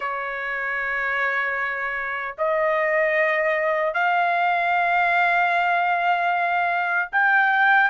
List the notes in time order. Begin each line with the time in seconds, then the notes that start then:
0.00 C#5
2.38 D#5
3.93 F5
7.12 G5